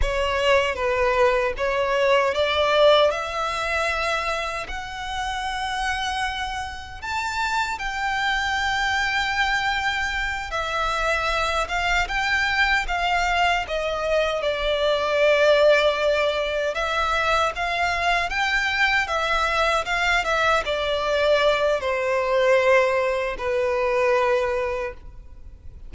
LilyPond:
\new Staff \with { instrumentName = "violin" } { \time 4/4 \tempo 4 = 77 cis''4 b'4 cis''4 d''4 | e''2 fis''2~ | fis''4 a''4 g''2~ | g''4. e''4. f''8 g''8~ |
g''8 f''4 dis''4 d''4.~ | d''4. e''4 f''4 g''8~ | g''8 e''4 f''8 e''8 d''4. | c''2 b'2 | }